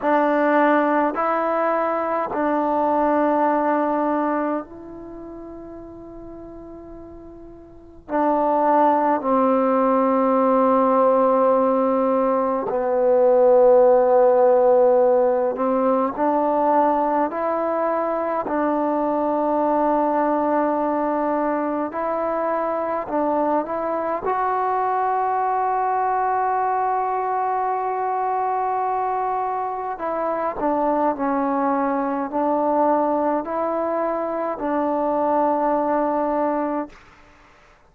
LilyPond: \new Staff \with { instrumentName = "trombone" } { \time 4/4 \tempo 4 = 52 d'4 e'4 d'2 | e'2. d'4 | c'2. b4~ | b4. c'8 d'4 e'4 |
d'2. e'4 | d'8 e'8 fis'2.~ | fis'2 e'8 d'8 cis'4 | d'4 e'4 d'2 | }